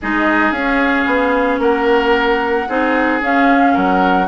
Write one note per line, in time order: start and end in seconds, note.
0.01 0.51 G#3
0.01 0.53 D#4
0.01 1.60 G#4
0.01 0.52 D#5
0.51 1.05 C#4
0.51 2.68 C#4
0.51 1.59 F5
1.06 1.58 B3
1.58 2.66 A#3
1.58 2.68 A#4
1.58 3.22 F#5
2.68 3.21 C4
2.68 3.20 D#4
2.68 3.73 G#4
3.20 4.27 C#4
3.20 3.74 C#4
3.20 3.76 F5
3.73 4.28 F#3
3.73 4.26 A#4
3.73 4.28 F#5